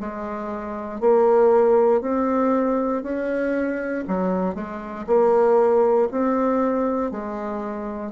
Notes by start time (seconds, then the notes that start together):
0.00 G#3
1.00 A#3
2.01 C4
3.02 C#4
4.07 F#3
4.54 G#3
5.07 A#3
6.11 C4
7.11 G#3